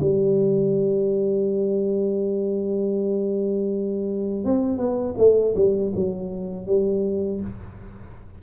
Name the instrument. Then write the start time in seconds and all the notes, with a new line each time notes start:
tuba
0.00 G3
4.44 C4
4.77 B3
5.17 A3
5.55 G3
5.95 F#3
6.66 G3